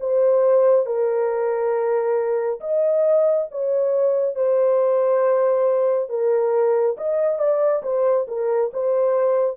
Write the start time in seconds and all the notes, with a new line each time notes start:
0.00 C5
0.86 A#4
2.60 D#5
3.51 C#5
4.35 C5
6.09 A#4
6.97 D#5
7.39 D5
7.83 C5
8.28 A#4
8.73 C5